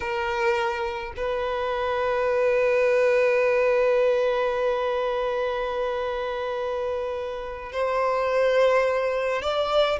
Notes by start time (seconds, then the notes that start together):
0.00 A#4
1.16 B4
7.72 C5
9.42 D5